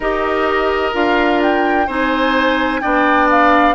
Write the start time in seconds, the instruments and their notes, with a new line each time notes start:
0.00 bassoon D#4, clarinet G4, oboe A#4, flute D#5
0.93 bassoon D4, clarinet F4, flute F5
1.42 flute G5
1.86 bassoon C4, clarinet D#4, oboe C5, flute G#5
2.81 bassoon B3, clarinet D4, oboe D5, flute G5
3.30 flute F5